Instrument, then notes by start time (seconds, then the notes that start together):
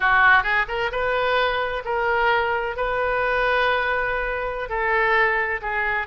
oboe
0.00 F#4
0.43 G#4
0.67 A#4
0.91 B4
1.84 A#4
2.76 B4
4.69 A4
5.61 G#4